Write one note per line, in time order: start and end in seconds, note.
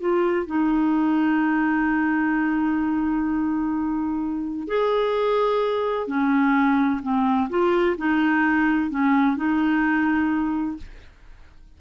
0.00 0.46 F4
0.46 4.68 D#4
4.68 6.07 G#4
6.07 7.01 C#4
7.02 7.49 C4
7.50 7.96 F4
7.97 8.90 D#4
8.90 9.36 C#4
9.36 10.77 D#4